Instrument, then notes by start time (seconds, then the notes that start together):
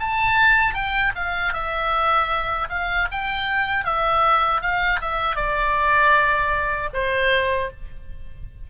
oboe
0.00 A5
0.74 G5
1.16 F5
1.53 E5
2.70 F5
3.12 G5
3.85 E5
4.62 F5
5.01 E5
5.36 D5
6.94 C5